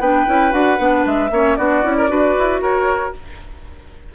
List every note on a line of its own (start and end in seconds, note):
0.00 0.26 B3
0.00 0.26 D4
0.00 1.31 B4
0.00 0.52 G5
0.26 0.53 C#4
0.26 0.51 E4
0.51 0.79 D4
0.51 0.77 F#4
0.51 1.05 F#5
0.78 1.05 B3
0.78 1.30 D4
1.05 1.31 G#3
1.05 1.56 E5
1.31 1.57 A#3
1.31 1.58 C#4
1.31 1.57 C#5
1.56 1.84 B3
1.56 1.82 D4
1.56 1.97 F#4
1.56 2.60 D5
1.82 2.10 C#4
1.82 2.08 E4
1.97 2.10 A#4
2.08 2.36 D4
2.08 3.12 F#4
2.08 2.62 B4
2.39 2.62 E4
2.62 3.14 F#4
2.62 3.14 A#4
2.62 3.14 C#5